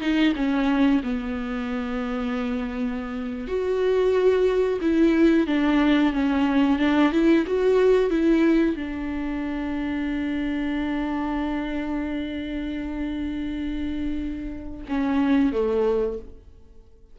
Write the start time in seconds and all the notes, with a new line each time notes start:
0.00 D#4
0.36 C#4
1.03 B3
3.47 F#4
4.81 E4
5.47 D4
6.13 C#4
6.79 D4
7.12 E4
7.46 F#4
8.10 E4
8.76 D4
14.88 C#4
15.52 A3